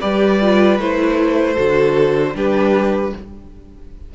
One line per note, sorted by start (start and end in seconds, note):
0.00 0.79 G3
0.00 0.39 G4
0.00 1.53 B4
0.00 0.78 D5
0.40 0.79 F4
0.79 1.56 A3
0.79 1.56 E4
0.79 2.36 C5
1.53 2.34 D3
1.53 2.33 F#4
1.53 2.31 A4
2.34 3.12 G3
2.34 3.12 D4
2.34 3.14 G4
2.34 3.14 B4